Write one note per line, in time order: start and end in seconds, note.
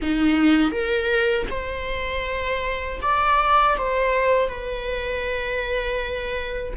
0.02 0.71 D#4
0.71 1.46 A#4
1.50 3.00 C5
3.01 3.76 D5
3.77 4.48 C5
4.48 6.73 B4